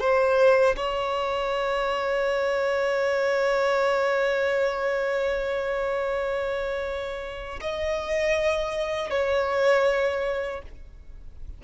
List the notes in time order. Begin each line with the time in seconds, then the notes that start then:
0.00 C5
0.77 C#5
7.61 D#5
9.10 C#5